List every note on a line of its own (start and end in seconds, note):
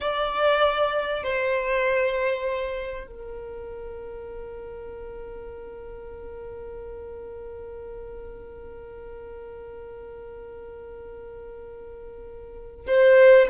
0.01 1.23 D5
1.23 3.06 C5
3.06 12.86 A#4
12.87 13.48 C5